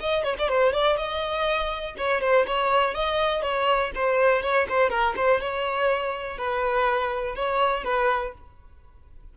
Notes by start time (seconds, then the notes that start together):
0.00 D#5
0.24 C#5
0.39 D5
0.49 C5
0.73 D5
0.97 D#5
1.98 C#5
2.21 C5
2.47 C#5
2.94 D#5
3.42 C#5
3.95 C5
4.42 C#5
4.69 C5
4.90 A#4
5.16 C5
5.41 C#5
6.38 B4
7.36 C#5
7.84 B4